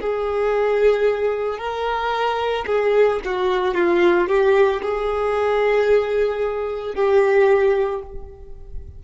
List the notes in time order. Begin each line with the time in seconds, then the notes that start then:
0.00 G#4
1.58 A#4
2.66 G#4
3.24 F#4
3.74 F4
4.28 G4
4.82 G#4
6.94 G4